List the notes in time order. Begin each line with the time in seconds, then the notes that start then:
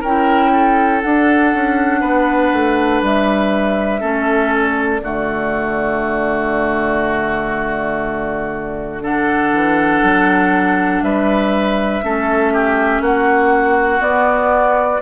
0.00 C#4 E4 A#4 G5
0.53 A4
1.01 D4 F#5
1.54 C#4
2.00 B3 B4
2.52 A3
3.02 G3 E5
4.00 A3 C#4 A4
4.54 D5
5.02 D3 A3 F#4
9.01 D4 A4 F#5
9.52 E3
10.02 F#3
11.01 G3 B4 E5
12.02 A3 C#4 A4
12.53 G4
13.00 A#3 F#4 F#5
13.99 B3 D5